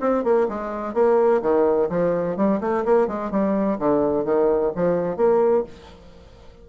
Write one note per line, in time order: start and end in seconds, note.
0.00 0.23 C4
0.23 0.47 A#3
0.48 0.94 G#3
0.94 1.41 A#3
1.42 1.89 D#3
1.89 2.36 F3
2.36 2.60 G3
2.60 2.84 A3
2.85 3.07 A#3
3.07 3.31 G#3
3.31 3.78 G3
3.78 4.24 D3
4.24 4.72 D#3
4.75 5.16 F3
5.16 5.64 A#3